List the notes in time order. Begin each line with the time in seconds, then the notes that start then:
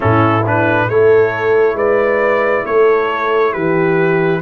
0.00 A2 C#4 E4 A4
0.46 D4 B4
0.88 A3 E4 A4 C#5
1.73 G#3 B4 D5
2.65 A3 A4 C#5
3.52 E3 G4 B4